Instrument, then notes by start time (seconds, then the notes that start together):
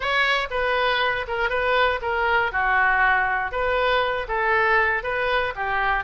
oboe
0.00 C#5
0.50 B4
1.27 A#4
1.49 B4
2.01 A#4
2.52 F#4
3.51 B4
4.27 A4
5.03 B4
5.55 G4